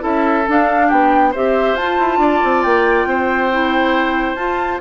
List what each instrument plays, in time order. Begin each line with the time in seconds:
0.00 bassoon C#4, clarinet E4, oboe A4, flute E5
0.48 clarinet D4, bassoon D4, flute F5
0.87 bassoon B3, oboe G4, flute G5
1.31 bassoon C4, clarinet G4, oboe C5, flute E5
1.74 bassoon F4, clarinet F4, flute A5
1.99 bassoon E4
2.18 bassoon D4, oboe D5
2.44 bassoon C4
2.63 bassoon A#3, flute G5
3.06 bassoon C4, oboe C5
3.52 clarinet E4
4.36 bassoon F4, clarinet F4, flute A5